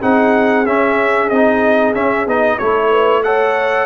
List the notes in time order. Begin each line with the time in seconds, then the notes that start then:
0.00 C4 D#4 G#4 F#5
0.66 C#4 E5
1.29 C4 D#4 D#5
1.94 C#4 E5
2.26 B3 D#4 D#5
2.58 A3 E4 A4 C#5
2.90 B4
3.23 A4 C#5 F#5